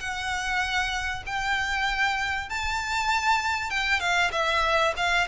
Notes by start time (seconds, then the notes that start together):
0.00 F#5
1.27 G5
2.50 A5
3.71 G5
4.01 F5
4.32 E5
4.97 F5